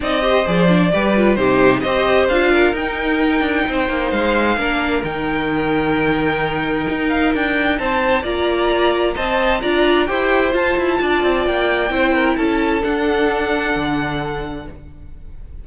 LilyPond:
<<
  \new Staff \with { instrumentName = "violin" } { \time 4/4 \tempo 4 = 131 dis''4 d''2 c''4 | dis''4 f''4 g''2~ | g''4 f''2 g''4~ | g''2.~ g''8 f''8 |
g''4 a''4 ais''2 | a''4 ais''4 g''4 a''4~ | a''4 g''2 a''4 | fis''1 | }
  \new Staff \with { instrumentName = "violin" } { \time 4/4 d''8 c''4. b'4 g'4 | c''4. ais'2~ ais'8 | c''2 ais'2~ | ais'1~ |
ais'4 c''4 d''2 | dis''4 d''4 c''2 | d''2 c''8 ais'8 a'4~ | a'1 | }
  \new Staff \with { instrumentName = "viola" } { \time 4/4 dis'8 g'8 gis'8 d'8 g'8 f'8 dis'4 | g'4 f'4 dis'2~ | dis'2 d'4 dis'4~ | dis'1~ |
dis'2 f'2 | c''4 f'4 g'4 f'4~ | f'2 e'2 | d'1 | }
  \new Staff \with { instrumentName = "cello" } { \time 4/4 c'4 f4 g4 c4 | c'4 d'4 dis'4. d'8 | c'8 ais8 gis4 ais4 dis4~ | dis2. dis'4 |
d'4 c'4 ais2 | c'4 d'4 e'4 f'8 e'8 | d'8 c'8 ais4 c'4 cis'4 | d'2 d2 | }
>>